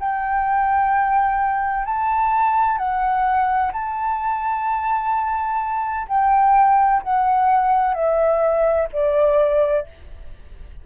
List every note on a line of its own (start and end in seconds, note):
0.00 1.85 G5
1.85 2.78 A5
2.78 3.72 F#5
3.73 6.07 A5
6.09 7.02 G5
7.03 7.94 F#5
7.94 8.88 E5
8.93 9.87 D5